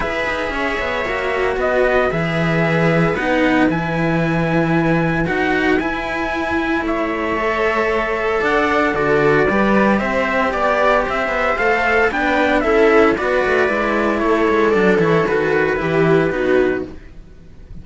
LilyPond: <<
  \new Staff \with { instrumentName = "trumpet" } { \time 4/4 \tempo 4 = 114 e''2. dis''4 | e''2 fis''4 gis''4~ | gis''2 fis''4 gis''4~ | gis''4 e''2. |
fis''4 d''2 e''4 | d''4 e''4 f''4 g''4 | e''4 d''2 cis''4 | d''8 cis''8 b'2. | }
  \new Staff \with { instrumentName = "viola" } { \time 4/4 b'4 cis''2 b'4~ | b'1~ | b'1~ | b'4 cis''2. |
d''4 a'4 b'4 c''4 | d''4 c''2 b'4 | a'4 b'2 a'4~ | a'2 g'4 fis'4 | }
  \new Staff \with { instrumentName = "cello" } { \time 4/4 gis'2 fis'2 | gis'2 dis'4 e'4~ | e'2 fis'4 e'4~ | e'2 a'2~ |
a'4 fis'4 g'2~ | g'2 a'4 d'4 | e'4 fis'4 e'2 | d'8 e'8 fis'4 e'4 dis'4 | }
  \new Staff \with { instrumentName = "cello" } { \time 4/4 e'8 dis'8 cis'8 b8 ais4 b4 | e2 b4 e4~ | e2 dis'4 e'4~ | e'4 a2. |
d'4 d4 g4 c'4 | b4 c'8 b8 a4 b4 | cis'4 b8 a8 gis4 a8 gis8 | fis8 e8 dis4 e4 b4 | }
>>